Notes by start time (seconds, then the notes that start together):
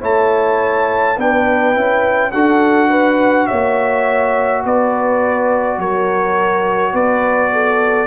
0.00 A3 E4 C#5 A5
1.17 B3 D4 B4 G5
1.74 C#4 E4
2.31 D4 F#4 A4 F#5
2.89 B4
3.46 A#3 C#5 E5
4.64 B3 B4 D5
5.78 F#3 A#4 C#5
6.93 B3 B4 D5
7.52 A4